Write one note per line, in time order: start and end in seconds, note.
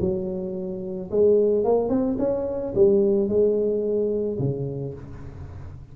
0.00 1.10 F#3
1.11 1.64 G#3
1.64 1.89 A#3
1.89 2.17 C4
2.18 2.73 C#4
2.75 3.28 G3
3.28 4.38 G#3
4.39 4.94 C#3